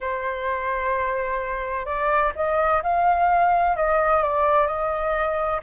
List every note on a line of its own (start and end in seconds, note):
0.00 1.85 C5
1.85 2.32 D5
2.35 2.82 D#5
2.83 3.76 F5
3.76 4.22 D#5
4.22 4.66 D5
4.66 5.60 D#5